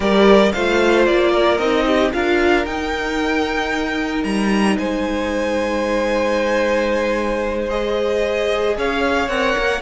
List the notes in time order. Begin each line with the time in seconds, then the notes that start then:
0.00 G3 G4 A#4 D5
0.52 A3 F4 C5 F5
1.05 A#3 D5
1.31 A#4
1.58 C4 D#4 D#5
1.86 G4
2.12 D4 F4 A#4 F5
2.65 D#4 G5
4.23 G3 A#5
4.77 G#3 C5 G#5
7.69 G#4 D#5
8.77 C#4 C#5 F5
9.27 C4 A#4 F#5
9.58 A#3